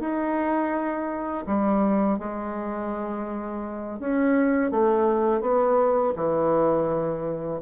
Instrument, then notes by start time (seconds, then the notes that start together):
bassoon
0.00 D#4
1.47 G3
2.19 G#3
3.99 C#4
4.71 A3
5.41 B3
6.16 E3